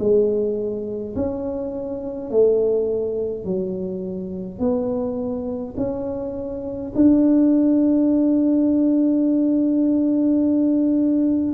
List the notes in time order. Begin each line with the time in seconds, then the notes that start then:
0.00 G#3
1.16 C#4
2.31 A3
3.45 F#3
4.59 B3
5.77 C#4
6.95 D4